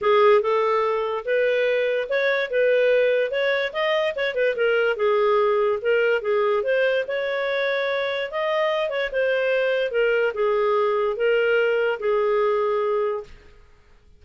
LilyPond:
\new Staff \with { instrumentName = "clarinet" } { \time 4/4 \tempo 4 = 145 gis'4 a'2 b'4~ | b'4 cis''4 b'2 | cis''4 dis''4 cis''8 b'8 ais'4 | gis'2 ais'4 gis'4 |
c''4 cis''2. | dis''4. cis''8 c''2 | ais'4 gis'2 ais'4~ | ais'4 gis'2. | }